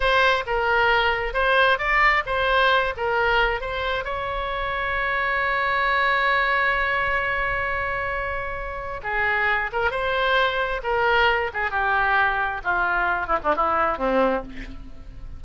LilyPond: \new Staff \with { instrumentName = "oboe" } { \time 4/4 \tempo 4 = 133 c''4 ais'2 c''4 | d''4 c''4. ais'4. | c''4 cis''2.~ | cis''1~ |
cis''1 | gis'4. ais'8 c''2 | ais'4. gis'8 g'2 | f'4. e'16 d'16 e'4 c'4 | }